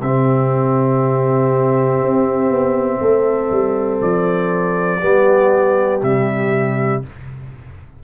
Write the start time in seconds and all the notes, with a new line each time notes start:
0.00 C3 C4 G4 E5
2.01 C4
2.50 B3
3.00 A3 A4
3.50 G3
4.01 F3 D5
5.00 G3 B3 G4
6.02 C3 G3 E5